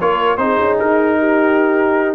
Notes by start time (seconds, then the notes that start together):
0.00 A#3 F4 A#4 C#5
0.37 C4 D#4 G#4 C5
0.60 C#4
0.79 D#4 A#4
1.18 G4